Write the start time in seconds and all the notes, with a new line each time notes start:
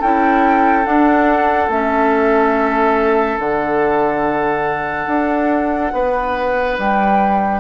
0.00 C#4 E4 A4 G5
0.84 D4 F#5
1.69 A3 C#4 E5
3.39 D3 D4 F#5
5.07 D4
5.93 B3 B4
6.78 G3 G5